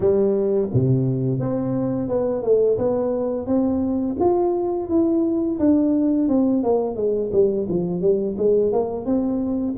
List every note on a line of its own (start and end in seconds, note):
0.00 0.68 G3
0.73 1.39 C3
1.39 2.08 C4
2.08 2.42 B3
2.42 2.77 A3
2.77 3.46 B3
3.46 4.16 C4
4.20 4.89 F4
4.89 5.58 E4
5.59 6.28 D4
6.28 6.63 C4
6.63 6.96 A#3
6.96 7.31 G#3
7.32 7.67 G3
7.68 8.01 F3
8.01 8.36 G3
8.37 8.72 G#3
8.72 9.05 A#3
9.05 9.75 C4